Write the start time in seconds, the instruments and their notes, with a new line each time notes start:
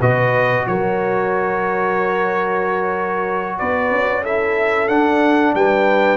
0.00 tuba B2, trombone F#4, horn B4, trumpet D#5
0.67 tuba F#3, horn A#4, trumpet C#5
3.58 tuba B3, horn B4, trumpet D5
3.92 tuba C#4
4.23 trombone E4, horn A4, trumpet E5
4.88 tuba D4, trombone D4, trumpet F#5
5.55 tuba G3, horn B4, trumpet G5